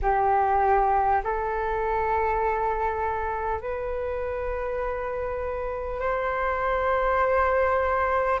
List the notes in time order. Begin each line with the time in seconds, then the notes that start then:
0.02 G4
1.23 A4
3.61 B4
5.99 C5